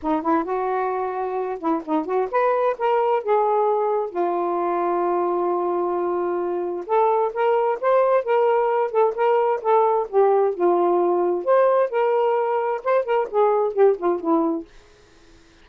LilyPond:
\new Staff \with { instrumentName = "saxophone" } { \time 4/4 \tempo 4 = 131 dis'8 e'8 fis'2~ fis'8 e'8 | dis'8 fis'8 b'4 ais'4 gis'4~ | gis'4 f'2.~ | f'2. a'4 |
ais'4 c''4 ais'4. a'8 | ais'4 a'4 g'4 f'4~ | f'4 c''4 ais'2 | c''8 ais'8 gis'4 g'8 f'8 e'4 | }